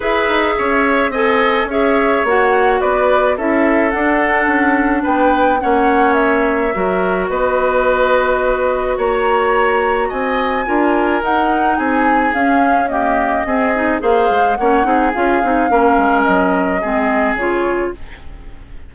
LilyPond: <<
  \new Staff \with { instrumentName = "flute" } { \time 4/4 \tempo 4 = 107 e''2 gis''4 e''4 | fis''4 d''4 e''4 fis''4~ | fis''4 g''4 fis''4 e''4~ | e''4 dis''2. |
ais''2 gis''2 | fis''4 gis''4 f''4 dis''4~ | dis''4 f''4 fis''4 f''4~ | f''4 dis''2 cis''4 | }
  \new Staff \with { instrumentName = "oboe" } { \time 4/4 b'4 cis''4 dis''4 cis''4~ | cis''4 b'4 a'2~ | a'4 b'4 cis''2 | ais'4 b'2. |
cis''2 dis''4 ais'4~ | ais'4 gis'2 g'4 | gis'4 c''4 cis''8 gis'4. | ais'2 gis'2 | }
  \new Staff \with { instrumentName = "clarinet" } { \time 4/4 gis'2 a'4 gis'4 | fis'2 e'4 d'4~ | d'2 cis'2 | fis'1~ |
fis'2. f'4 | dis'2 cis'4 ais4 | c'8 dis'8 gis'4 cis'8 dis'8 f'8 dis'8 | cis'2 c'4 f'4 | }
  \new Staff \with { instrumentName = "bassoon" } { \time 4/4 e'8 dis'8 cis'4 c'4 cis'4 | ais4 b4 cis'4 d'4 | cis'4 b4 ais2 | fis4 b2. |
ais2 c'4 d'4 | dis'4 c'4 cis'2 | c'4 ais8 gis8 ais8 c'8 cis'8 c'8 | ais8 gis8 fis4 gis4 cis4 | }
>>